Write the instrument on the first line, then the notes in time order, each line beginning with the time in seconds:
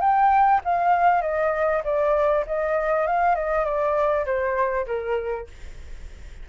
flute
0.00 G5
0.64 F5
1.21 D#5
1.84 D5
2.46 D#5
3.07 F5
3.35 D#5
3.64 D5
4.25 C5
4.86 A#4